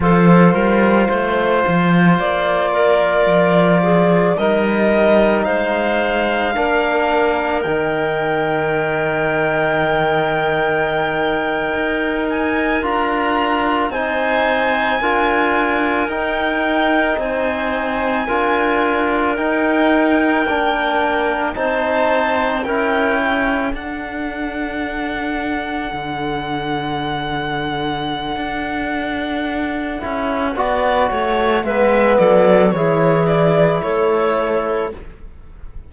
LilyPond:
<<
  \new Staff \with { instrumentName = "violin" } { \time 4/4 \tempo 4 = 55 c''2 d''2 | dis''4 f''2 g''4~ | g''2.~ g''16 gis''8 ais''16~ | ais''8. gis''2 g''4 gis''16~ |
gis''4.~ gis''16 g''2 a''16~ | a''8. g''4 fis''2~ fis''16~ | fis''1~ | fis''4 e''8 d''8 cis''8 d''8 cis''4 | }
  \new Staff \with { instrumentName = "clarinet" } { \time 4/4 a'8 ais'8 c''4. ais'4 gis'8 | ais'4 c''4 ais'2~ | ais'1~ | ais'8. c''4 ais'2 c''16~ |
c''8. ais'2. c''16~ | c''8. ais'8 a'2~ a'8.~ | a'1 | d''8 cis''8 b'8 a'8 gis'4 a'4 | }
  \new Staff \with { instrumentName = "trombone" } { \time 4/4 f'1 | dis'2 d'4 dis'4~ | dis'2.~ dis'8. f'16~ | f'8. dis'4 f'4 dis'4~ dis'16~ |
dis'8. f'4 dis'4 d'4 dis'16~ | dis'8. e'4 d'2~ d'16~ | d'2.~ d'8 e'8 | fis'4 b4 e'2 | }
  \new Staff \with { instrumentName = "cello" } { \time 4/4 f8 g8 a8 f8 ais4 f4 | g4 gis4 ais4 dis4~ | dis2~ dis8. dis'4 d'16~ | d'8. c'4 d'4 dis'4 c'16~ |
c'8. d'4 dis'4 ais4 c'16~ | c'8. cis'4 d'2 d16~ | d2 d'4. cis'8 | b8 a8 gis8 fis8 e4 a4 | }
>>